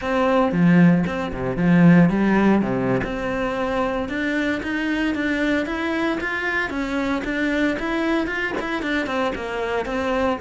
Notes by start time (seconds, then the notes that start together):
0.01 C4
0.51 F3
1.06 C4
1.33 C3
1.56 F3
2.09 G3
2.61 C3
3.03 C4
4.09 D4
4.62 D#4
5.14 D4
5.66 E4
6.20 F4
6.70 C#4
7.24 D4
7.79 E4
8.26 F4
8.60 E4
8.82 D4
9.06 C4
9.35 A#3
9.85 C4